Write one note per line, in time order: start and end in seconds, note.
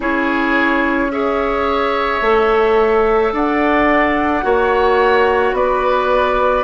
0.00 2.21 C#4
0.00 1.10 E4
0.00 1.12 G#4
0.00 1.11 C#5
1.11 2.22 G#4
1.11 3.33 C#5
1.11 3.33 E5
2.21 3.32 A3
2.21 4.42 A4
3.32 4.43 D4
3.32 4.44 D5
3.32 5.55 F#5
4.42 5.52 A#3
4.42 6.64 F#4
4.42 5.55 C#5
5.52 6.63 B3
5.52 6.64 B4
5.52 6.64 D5